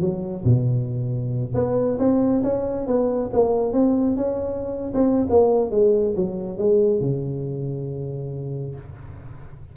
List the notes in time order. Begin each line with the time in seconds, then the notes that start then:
0.00 F#3
0.44 B2
1.54 B3
1.98 C4
2.43 C#4
2.86 B3
3.32 A#3
3.72 C4
4.16 C#4
4.93 C4
5.29 A#3
5.71 G#3
6.16 F#3
6.58 G#3
7.00 C#3